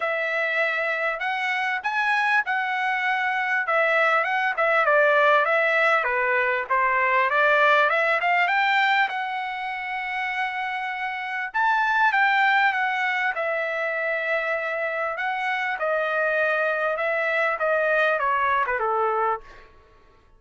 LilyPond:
\new Staff \with { instrumentName = "trumpet" } { \time 4/4 \tempo 4 = 99 e''2 fis''4 gis''4 | fis''2 e''4 fis''8 e''8 | d''4 e''4 b'4 c''4 | d''4 e''8 f''8 g''4 fis''4~ |
fis''2. a''4 | g''4 fis''4 e''2~ | e''4 fis''4 dis''2 | e''4 dis''4 cis''8. b'16 a'4 | }